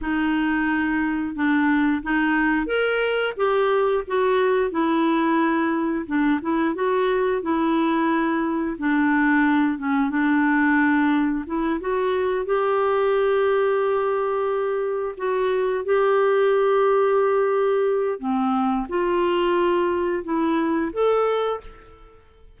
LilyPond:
\new Staff \with { instrumentName = "clarinet" } { \time 4/4 \tempo 4 = 89 dis'2 d'4 dis'4 | ais'4 g'4 fis'4 e'4~ | e'4 d'8 e'8 fis'4 e'4~ | e'4 d'4. cis'8 d'4~ |
d'4 e'8 fis'4 g'4.~ | g'2~ g'8 fis'4 g'8~ | g'2. c'4 | f'2 e'4 a'4 | }